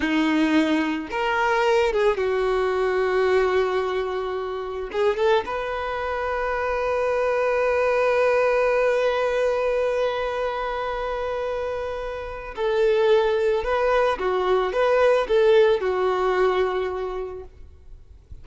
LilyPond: \new Staff \with { instrumentName = "violin" } { \time 4/4 \tempo 4 = 110 dis'2 ais'4. gis'8 | fis'1~ | fis'4 gis'8 a'8 b'2~ | b'1~ |
b'1~ | b'2. a'4~ | a'4 b'4 fis'4 b'4 | a'4 fis'2. | }